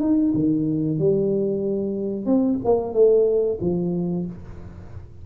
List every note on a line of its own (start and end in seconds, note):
0.00 0.33 D#4
0.33 0.98 D#3
0.98 2.25 G3
2.25 2.58 C4
2.64 2.93 A#3
2.93 3.58 A3
3.60 4.25 F3